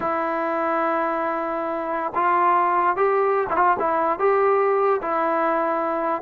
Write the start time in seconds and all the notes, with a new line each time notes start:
0.00 E4
2.14 F4
2.96 G4
3.49 E4
3.56 F4
3.79 E4
4.19 G4
5.01 E4